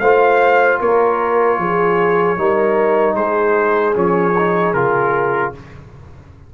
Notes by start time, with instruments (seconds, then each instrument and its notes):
0.00 tuba A3, trombone F4, horn C5, trumpet F5
0.81 tuba A#3, horn A#4, trumpet C#5
1.58 tuba F3, horn G#4
2.38 tuba G3, trombone D#4, horn A#4
3.15 tuba G#3, horn G#4, trumpet C5
3.95 tuba F3, trombone C#4, trumpet C#5
4.39 trombone D#4
4.74 tuba C#3, trombone F4, trumpet A#4